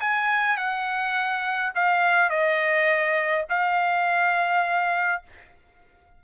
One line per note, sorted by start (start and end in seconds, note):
0.00 0.57 G#5
0.57 1.72 F#5
1.75 2.29 F5
2.29 3.45 D#5
3.49 5.22 F5